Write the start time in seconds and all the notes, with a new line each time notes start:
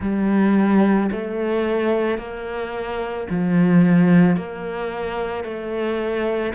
0.00 G3
1.11 A3
2.18 A#3
3.30 F3
4.36 A#3
5.43 A3